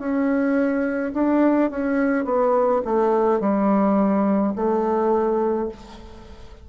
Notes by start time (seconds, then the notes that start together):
0.00 C#4
1.14 D4
1.71 C#4
2.25 B3
2.85 A3
3.41 G3
4.56 A3